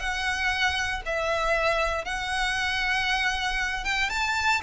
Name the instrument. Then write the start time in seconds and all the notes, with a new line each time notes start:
violin
0.00 F#5
1.06 E5
2.06 F#5
3.85 G5
4.10 A5